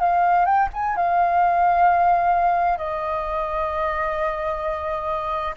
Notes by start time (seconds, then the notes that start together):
0.00 F5
0.46 G5
0.74 G#5
0.97 F5
2.78 D#5